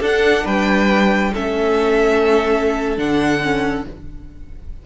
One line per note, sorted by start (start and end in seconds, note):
0.00 0.44 D4
0.00 1.33 D4
0.00 0.43 A4
0.00 0.46 F#5
0.43 1.33 G3
0.43 1.31 B4
0.43 1.34 G5
1.33 2.98 A3
1.33 2.97 C#4
1.33 3.85 A4
1.33 2.98 E5
2.97 3.85 D3
2.97 3.41 D4
2.97 3.85 F#5
3.42 3.86 C#4